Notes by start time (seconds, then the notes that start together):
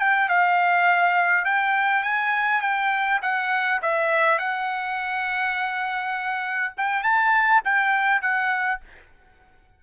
0.00 G5
0.29 F5
1.45 G5
2.03 G#5
2.61 G5
3.22 F#5
3.82 E5
4.39 F#5
6.78 G5
7.03 A5
7.65 G5
8.22 F#5